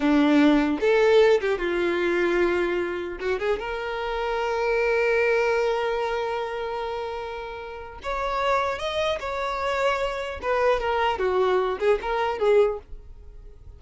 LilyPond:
\new Staff \with { instrumentName = "violin" } { \time 4/4 \tempo 4 = 150 d'2 a'4. g'8 | f'1 | fis'8 gis'8 ais'2.~ | ais'1~ |
ais'1 | cis''2 dis''4 cis''4~ | cis''2 b'4 ais'4 | fis'4. gis'8 ais'4 gis'4 | }